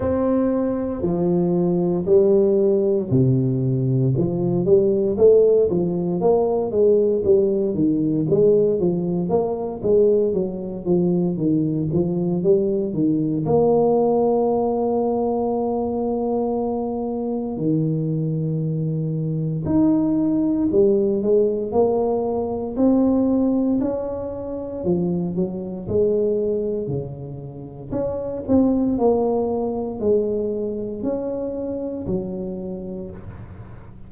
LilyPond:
\new Staff \with { instrumentName = "tuba" } { \time 4/4 \tempo 4 = 58 c'4 f4 g4 c4 | f8 g8 a8 f8 ais8 gis8 g8 dis8 | gis8 f8 ais8 gis8 fis8 f8 dis8 f8 | g8 dis8 ais2.~ |
ais4 dis2 dis'4 | g8 gis8 ais4 c'4 cis'4 | f8 fis8 gis4 cis4 cis'8 c'8 | ais4 gis4 cis'4 fis4 | }